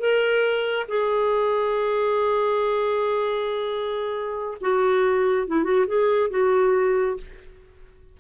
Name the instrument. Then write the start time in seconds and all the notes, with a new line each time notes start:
clarinet
0.00 A#4
0.89 G#4
4.61 F#4
5.48 E4
5.64 F#4
5.87 G#4
6.31 F#4